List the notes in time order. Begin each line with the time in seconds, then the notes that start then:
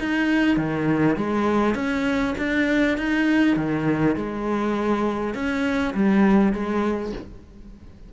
0.00 D#4
0.57 D#3
1.17 G#3
1.75 C#4
2.38 D4
2.98 D#4
3.57 D#3
4.16 G#3
5.35 C#4
5.95 G3
6.53 G#3